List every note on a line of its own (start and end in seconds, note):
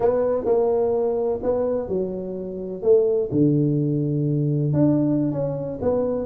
0.00 0.45 B3
0.45 1.39 A#3
1.42 1.88 B3
1.88 2.82 F#3
2.82 3.29 A3
3.31 4.73 D3
4.73 5.31 D4
5.31 5.79 C#4
5.81 6.26 B3